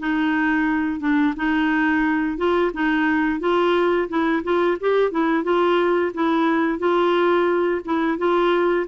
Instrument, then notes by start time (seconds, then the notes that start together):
clarinet
0.00 D#4
1.00 D4
1.37 D#4
2.38 F4
2.74 D#4
3.40 F4
4.09 E4
4.43 F4
4.81 G4
5.11 E4
5.44 F4
6.14 E4
6.79 F4
7.85 E4
8.18 F4